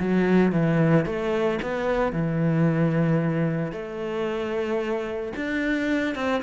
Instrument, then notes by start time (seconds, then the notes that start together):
cello
0.00 F#3
0.52 E3
1.06 A3
1.62 B3
2.13 E3
3.73 A3
5.36 D4
6.16 C4